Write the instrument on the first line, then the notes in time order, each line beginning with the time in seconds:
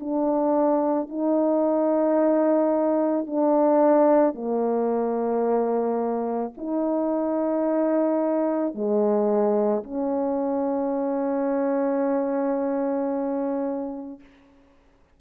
horn
0.00 D4
1.09 D#4
3.26 D4
4.34 A#3
6.57 D#4
8.74 G#3
9.83 C#4